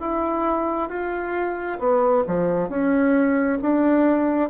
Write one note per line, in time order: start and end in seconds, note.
0.00 0.89 E4
0.89 1.79 F4
1.79 2.24 B3
2.27 2.69 F3
2.69 3.59 C#4
3.62 4.50 D4